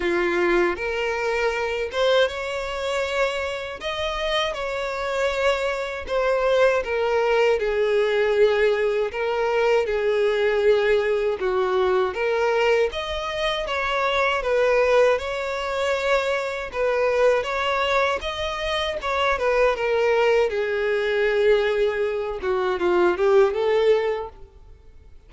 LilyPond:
\new Staff \with { instrumentName = "violin" } { \time 4/4 \tempo 4 = 79 f'4 ais'4. c''8 cis''4~ | cis''4 dis''4 cis''2 | c''4 ais'4 gis'2 | ais'4 gis'2 fis'4 |
ais'4 dis''4 cis''4 b'4 | cis''2 b'4 cis''4 | dis''4 cis''8 b'8 ais'4 gis'4~ | gis'4. fis'8 f'8 g'8 a'4 | }